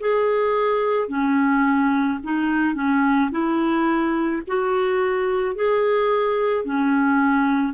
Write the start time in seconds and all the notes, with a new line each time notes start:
0.00 G#4
1.09 C#4
2.24 D#4
2.75 C#4
3.31 E4
4.48 F#4
5.56 G#4
6.65 C#4